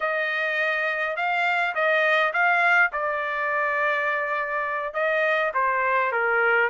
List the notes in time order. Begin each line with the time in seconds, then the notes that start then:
0.00 D#5
1.16 F5
1.74 D#5
2.33 F5
2.92 D5
4.93 D#5
5.54 C5
6.12 A#4